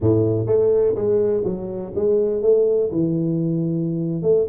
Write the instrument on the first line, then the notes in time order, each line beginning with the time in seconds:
tuba
0.00 A2
0.46 A3
0.95 G#3
1.44 F#3
1.95 G#3
2.42 A3
2.91 E3
4.22 A3